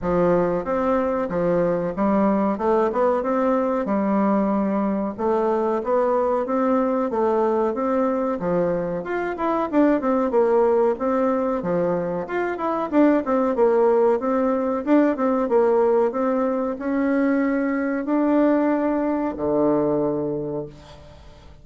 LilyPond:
\new Staff \with { instrumentName = "bassoon" } { \time 4/4 \tempo 4 = 93 f4 c'4 f4 g4 | a8 b8 c'4 g2 | a4 b4 c'4 a4 | c'4 f4 f'8 e'8 d'8 c'8 |
ais4 c'4 f4 f'8 e'8 | d'8 c'8 ais4 c'4 d'8 c'8 | ais4 c'4 cis'2 | d'2 d2 | }